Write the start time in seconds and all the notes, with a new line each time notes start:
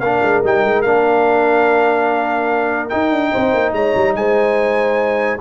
0.00 A#3 D4 A#4 F5
0.23 G#3
0.44 G3 D#4 G5
0.64 G#3
0.82 A#3 D4 F5
2.89 D#4 G5
3.12 D4
3.32 C4 C5
3.54 A#3
3.73 G#3 C#5 A#5
3.95 G3
4.16 G#3 C5 G#5